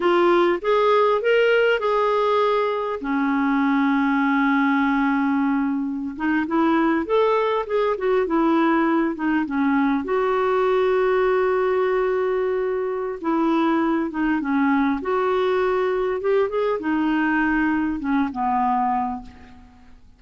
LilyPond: \new Staff \with { instrumentName = "clarinet" } { \time 4/4 \tempo 4 = 100 f'4 gis'4 ais'4 gis'4~ | gis'4 cis'2.~ | cis'2~ cis'16 dis'8 e'4 a'16~ | a'8. gis'8 fis'8 e'4. dis'8 cis'16~ |
cis'8. fis'2.~ fis'16~ | fis'2 e'4. dis'8 | cis'4 fis'2 g'8 gis'8 | dis'2 cis'8 b4. | }